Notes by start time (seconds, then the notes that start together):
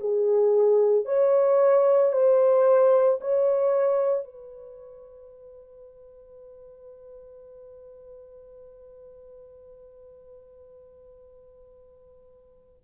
0.00 G#4
1.05 C#5
2.12 C5
3.20 C#5
4.24 B4